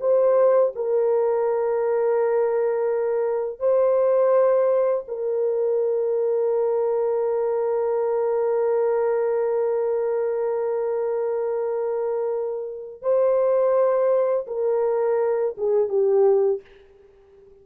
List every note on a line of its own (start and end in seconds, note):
0.00 0.72 C5
0.75 3.59 A#4
3.59 5.04 C5
5.08 13.02 A#4
13.02 14.46 C5
14.47 15.55 A#4
15.57 15.88 G#4
15.88 16.61 G4